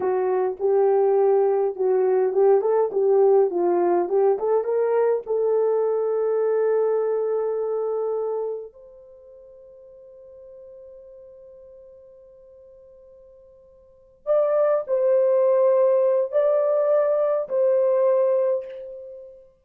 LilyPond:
\new Staff \with { instrumentName = "horn" } { \time 4/4 \tempo 4 = 103 fis'4 g'2 fis'4 | g'8 a'8 g'4 f'4 g'8 a'8 | ais'4 a'2.~ | a'2. c''4~ |
c''1~ | c''1~ | c''8 d''4 c''2~ c''8 | d''2 c''2 | }